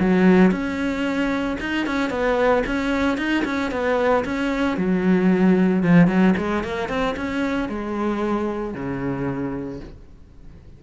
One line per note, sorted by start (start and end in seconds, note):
0.00 0.51 F#3
0.51 1.57 C#4
1.60 1.86 D#4
1.86 2.10 C#4
2.10 2.63 B3
2.66 3.18 C#4
3.18 3.44 D#4
3.45 3.71 C#4
3.71 4.24 B3
4.25 4.77 C#4
4.77 5.83 F#3
5.83 6.07 F3
6.07 6.34 F#3
6.37 6.64 G#3
6.64 6.89 A#3
6.89 7.15 C4
7.17 7.69 C#4
7.69 8.74 G#3
8.74 9.80 C#3